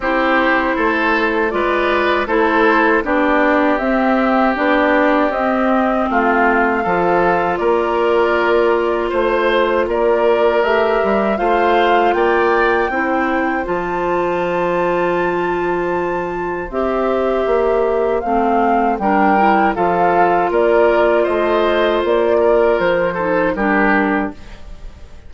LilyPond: <<
  \new Staff \with { instrumentName = "flute" } { \time 4/4 \tempo 4 = 79 c''2 d''4 c''4 | d''4 e''4 d''4 dis''4 | f''2 d''2 | c''4 d''4 e''4 f''4 |
g''2 a''2~ | a''2 e''2 | f''4 g''4 f''4 d''4 | dis''4 d''4 c''4 ais'4 | }
  \new Staff \with { instrumentName = "oboe" } { \time 4/4 g'4 a'4 b'4 a'4 | g'1 | f'4 a'4 ais'2 | c''4 ais'2 c''4 |
d''4 c''2.~ | c''1~ | c''4 ais'4 a'4 ais'4 | c''4. ais'4 a'8 g'4 | }
  \new Staff \with { instrumentName = "clarinet" } { \time 4/4 e'2 f'4 e'4 | d'4 c'4 d'4 c'4~ | c'4 f'2.~ | f'2 g'4 f'4~ |
f'4 e'4 f'2~ | f'2 g'2 | c'4 d'8 e'8 f'2~ | f'2~ f'8 dis'8 d'4 | }
  \new Staff \with { instrumentName = "bassoon" } { \time 4/4 c'4 a4 gis4 a4 | b4 c'4 b4 c'4 | a4 f4 ais2 | a4 ais4 a8 g8 a4 |
ais4 c'4 f2~ | f2 c'4 ais4 | a4 g4 f4 ais4 | a4 ais4 f4 g4 | }
>>